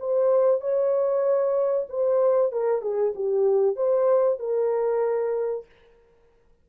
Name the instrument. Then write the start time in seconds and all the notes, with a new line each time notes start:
horn
0.00 C5
0.61 C#5
1.89 C5
2.52 A#4
2.82 G#4
3.16 G4
3.77 C5
4.40 A#4